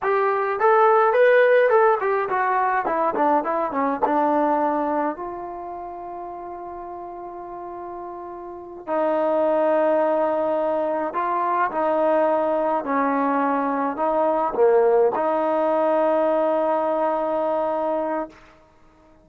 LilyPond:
\new Staff \with { instrumentName = "trombone" } { \time 4/4 \tempo 4 = 105 g'4 a'4 b'4 a'8 g'8 | fis'4 e'8 d'8 e'8 cis'8 d'4~ | d'4 f'2.~ | f'2.~ f'8 dis'8~ |
dis'2.~ dis'8 f'8~ | f'8 dis'2 cis'4.~ | cis'8 dis'4 ais4 dis'4.~ | dis'1 | }